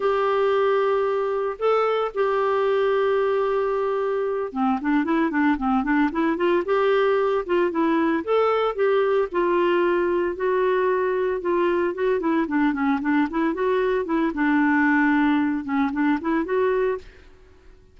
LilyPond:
\new Staff \with { instrumentName = "clarinet" } { \time 4/4 \tempo 4 = 113 g'2. a'4 | g'1~ | g'8 c'8 d'8 e'8 d'8 c'8 d'8 e'8 | f'8 g'4. f'8 e'4 a'8~ |
a'8 g'4 f'2 fis'8~ | fis'4. f'4 fis'8 e'8 d'8 | cis'8 d'8 e'8 fis'4 e'8 d'4~ | d'4. cis'8 d'8 e'8 fis'4 | }